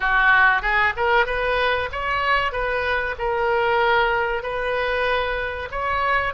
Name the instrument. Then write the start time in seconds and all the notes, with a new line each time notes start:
oboe
0.00 F#4
0.61 G#4
0.96 A#4
1.25 B4
1.91 C#5
2.51 B4
3.18 A#4
4.42 B4
5.71 C#5